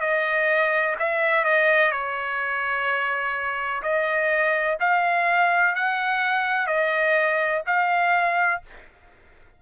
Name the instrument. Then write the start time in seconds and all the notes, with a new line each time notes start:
trumpet
0.00 D#5
0.99 E5
1.44 D#5
1.91 C#5
3.82 D#5
4.80 F5
5.75 F#5
6.67 D#5
7.66 F5